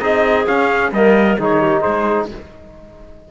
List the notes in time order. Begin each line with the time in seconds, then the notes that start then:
0.00 C4 D#4 G#4 D#5
0.46 C#4 F5
0.92 G3 A#3 A#4 D#5
1.39 D#3 D#4 G#4 C#5
1.61 G4
1.80 G#3 G#4 C5